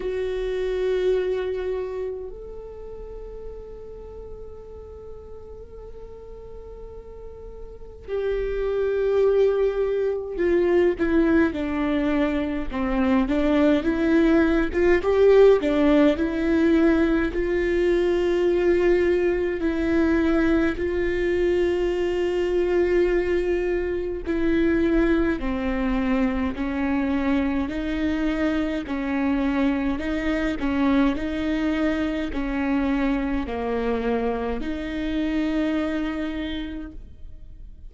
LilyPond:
\new Staff \with { instrumentName = "viola" } { \time 4/4 \tempo 4 = 52 fis'2 a'2~ | a'2. g'4~ | g'4 f'8 e'8 d'4 c'8 d'8 | e'8. f'16 g'8 d'8 e'4 f'4~ |
f'4 e'4 f'2~ | f'4 e'4 c'4 cis'4 | dis'4 cis'4 dis'8 cis'8 dis'4 | cis'4 ais4 dis'2 | }